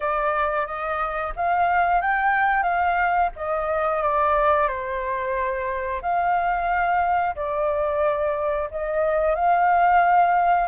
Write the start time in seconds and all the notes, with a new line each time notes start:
0.00 D5
0.66 D#5
1.35 F5
2.01 G5
2.62 F5
3.35 D#5
4.02 D5
4.68 C5
6.02 F5
7.35 D5
8.71 D#5
9.35 F5